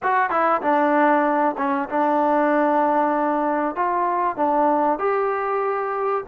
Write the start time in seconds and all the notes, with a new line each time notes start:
0.03 F#4
0.30 E4
0.61 D4
1.57 C#4
1.89 D4
3.75 F4
4.36 D4
4.98 G4